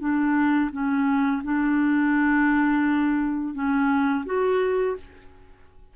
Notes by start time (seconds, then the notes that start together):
0.00 D4
0.72 C#4
1.44 D4
3.54 C#4
4.26 F#4